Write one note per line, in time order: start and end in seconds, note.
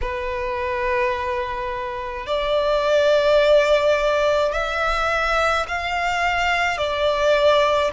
0.01 2.26 B4
2.26 4.52 D5
4.52 5.66 E5
5.68 6.77 F5
6.77 7.90 D5